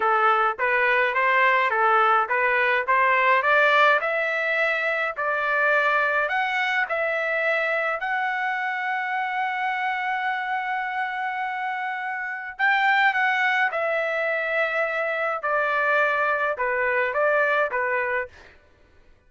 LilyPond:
\new Staff \with { instrumentName = "trumpet" } { \time 4/4 \tempo 4 = 105 a'4 b'4 c''4 a'4 | b'4 c''4 d''4 e''4~ | e''4 d''2 fis''4 | e''2 fis''2~ |
fis''1~ | fis''2 g''4 fis''4 | e''2. d''4~ | d''4 b'4 d''4 b'4 | }